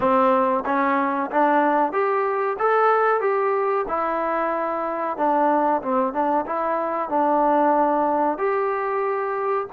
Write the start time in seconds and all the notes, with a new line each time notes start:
0.00 C4
0.65 C#4
1.30 D4
1.92 G4
2.58 A4
3.21 G4
3.88 E4
5.17 D4
5.82 C4
6.13 D4
6.46 E4
7.09 D4
8.38 G4